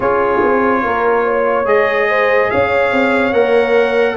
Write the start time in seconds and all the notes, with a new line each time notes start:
0.00 C#4 F4 G#4 C#5
0.42 C4
0.82 A#3 A#4
1.24 C#5
1.65 G#3 G#4 D#5
2.08 C5
2.50 C#4 C#5 F5
2.92 C4
3.32 A#3 A#4 F#5